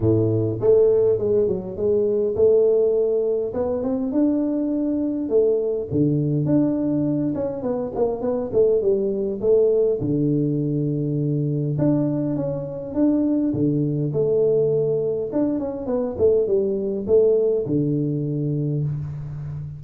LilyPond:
\new Staff \with { instrumentName = "tuba" } { \time 4/4 \tempo 4 = 102 a,4 a4 gis8 fis8 gis4 | a2 b8 c'8 d'4~ | d'4 a4 d4 d'4~ | d'8 cis'8 b8 ais8 b8 a8 g4 |
a4 d2. | d'4 cis'4 d'4 d4 | a2 d'8 cis'8 b8 a8 | g4 a4 d2 | }